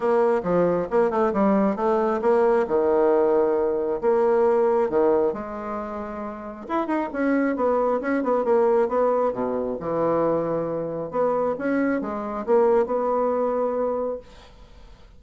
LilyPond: \new Staff \with { instrumentName = "bassoon" } { \time 4/4 \tempo 4 = 135 ais4 f4 ais8 a8 g4 | a4 ais4 dis2~ | dis4 ais2 dis4 | gis2. e'8 dis'8 |
cis'4 b4 cis'8 b8 ais4 | b4 b,4 e2~ | e4 b4 cis'4 gis4 | ais4 b2. | }